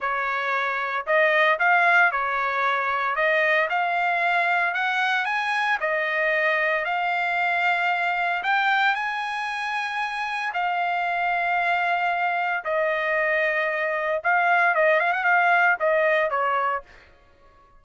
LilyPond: \new Staff \with { instrumentName = "trumpet" } { \time 4/4 \tempo 4 = 114 cis''2 dis''4 f''4 | cis''2 dis''4 f''4~ | f''4 fis''4 gis''4 dis''4~ | dis''4 f''2. |
g''4 gis''2. | f''1 | dis''2. f''4 | dis''8 f''16 fis''16 f''4 dis''4 cis''4 | }